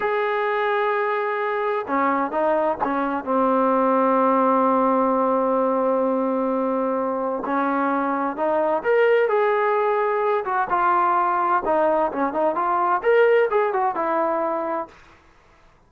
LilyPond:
\new Staff \with { instrumentName = "trombone" } { \time 4/4 \tempo 4 = 129 gis'1 | cis'4 dis'4 cis'4 c'4~ | c'1~ | c'1 |
cis'2 dis'4 ais'4 | gis'2~ gis'8 fis'8 f'4~ | f'4 dis'4 cis'8 dis'8 f'4 | ais'4 gis'8 fis'8 e'2 | }